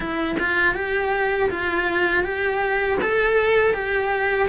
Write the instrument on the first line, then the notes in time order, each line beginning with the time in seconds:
cello
0.00 E4
0.39 F4
0.74 G4
1.50 F4
2.23 G4
3.01 A4
3.73 G4